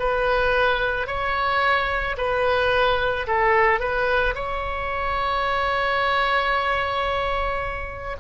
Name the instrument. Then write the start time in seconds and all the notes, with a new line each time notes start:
oboe
0.00 B4
1.08 C#5
2.18 B4
3.27 A4
3.80 B4
4.35 C#5